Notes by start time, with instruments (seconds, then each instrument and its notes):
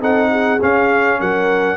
0.00 tuba C4, trombone D#4, horn A4, trumpet F#5
0.31 horn G#4
0.61 trombone C#4, tuba C#4, trumpet F5
1.19 tuba F#3, horn A#4, trumpet F#5